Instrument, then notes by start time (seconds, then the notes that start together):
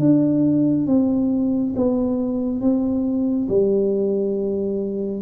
tuba
0.00 D4
0.87 C4
1.77 B3
2.61 C4
3.49 G3